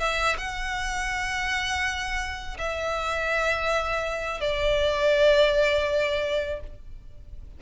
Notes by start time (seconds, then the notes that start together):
0.00 E5
0.38 F#5
2.59 E5
4.41 D5